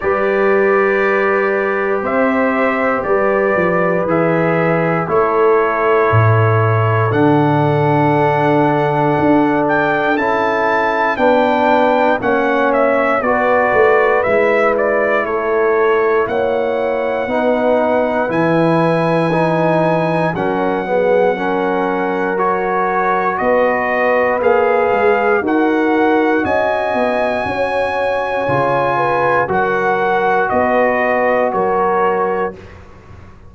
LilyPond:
<<
  \new Staff \with { instrumentName = "trumpet" } { \time 4/4 \tempo 4 = 59 d''2 e''4 d''4 | e''4 cis''2 fis''4~ | fis''4. g''8 a''4 g''4 | fis''8 e''8 d''4 e''8 d''8 cis''4 |
fis''2 gis''2 | fis''2 cis''4 dis''4 | f''4 fis''4 gis''2~ | gis''4 fis''4 dis''4 cis''4 | }
  \new Staff \with { instrumentName = "horn" } { \time 4/4 b'2 c''4 b'4~ | b'4 a'2.~ | a'2. b'4 | cis''4 b'2 a'4 |
cis''4 b'2. | ais'8 gis'8 ais'2 b'4~ | b'4 ais'4 dis''4 cis''4~ | cis''8 b'8 ais'4 b'4 ais'4 | }
  \new Staff \with { instrumentName = "trombone" } { \time 4/4 g'1 | gis'4 e'2 d'4~ | d'2 e'4 d'4 | cis'4 fis'4 e'2~ |
e'4 dis'4 e'4 dis'4 | cis'8 b8 cis'4 fis'2 | gis'4 fis'2. | f'4 fis'2. | }
  \new Staff \with { instrumentName = "tuba" } { \time 4/4 g2 c'4 g8 f8 | e4 a4 a,4 d4~ | d4 d'4 cis'4 b4 | ais4 b8 a8 gis4 a4 |
ais4 b4 e2 | fis2. b4 | ais8 gis8 dis'4 cis'8 b8 cis'4 | cis4 fis4 b4 fis4 | }
>>